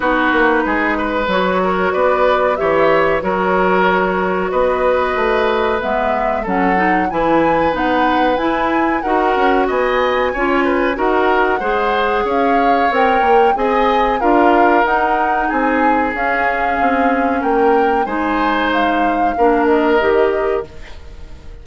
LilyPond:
<<
  \new Staff \with { instrumentName = "flute" } { \time 4/4 \tempo 4 = 93 b'2 cis''4 d''4 | e''4 cis''2 dis''4~ | dis''4 e''4 fis''4 gis''4 | fis''4 gis''4 fis''4 gis''4~ |
gis''4 fis''2 f''4 | g''4 gis''4 f''4 fis''4 | gis''4 f''2 g''4 | gis''4 f''4. dis''4. | }
  \new Staff \with { instrumentName = "oboe" } { \time 4/4 fis'4 gis'8 b'4 ais'8 b'4 | cis''4 ais'2 b'4~ | b'2 a'4 b'4~ | b'2 ais'4 dis''4 |
cis''8 b'8 ais'4 c''4 cis''4~ | cis''4 dis''4 ais'2 | gis'2. ais'4 | c''2 ais'2 | }
  \new Staff \with { instrumentName = "clarinet" } { \time 4/4 dis'2 fis'2 | g'4 fis'2.~ | fis'4 b4 cis'8 dis'8 e'4 | dis'4 e'4 fis'2 |
f'4 fis'4 gis'2 | ais'4 gis'4 f'4 dis'4~ | dis'4 cis'2. | dis'2 d'4 g'4 | }
  \new Staff \with { instrumentName = "bassoon" } { \time 4/4 b8 ais8 gis4 fis4 b4 | e4 fis2 b4 | a4 gis4 fis4 e4 | b4 e'4 dis'8 cis'8 b4 |
cis'4 dis'4 gis4 cis'4 | c'8 ais8 c'4 d'4 dis'4 | c'4 cis'4 c'4 ais4 | gis2 ais4 dis4 | }
>>